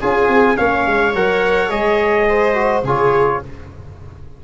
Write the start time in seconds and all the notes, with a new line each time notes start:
0.00 C#4 F4 G#4 G#5
0.28 C4
0.56 A#3 C#4 C#5 F5
0.86 G#3
1.14 F#3 A#4 F#5
1.70 G#3 G#4 D#5
2.28 C5
2.54 F#4
2.83 C#3 F4 G#4 C#5